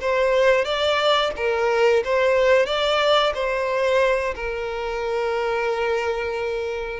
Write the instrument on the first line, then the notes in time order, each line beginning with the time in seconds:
violin
0.00 C5
0.64 D5
1.36 A#4
2.04 C5
2.66 D5
3.34 C5
4.35 A#4